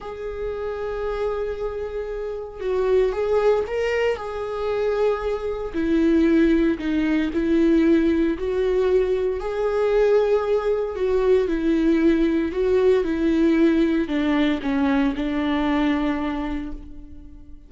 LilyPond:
\new Staff \with { instrumentName = "viola" } { \time 4/4 \tempo 4 = 115 gis'1~ | gis'4 fis'4 gis'4 ais'4 | gis'2. e'4~ | e'4 dis'4 e'2 |
fis'2 gis'2~ | gis'4 fis'4 e'2 | fis'4 e'2 d'4 | cis'4 d'2. | }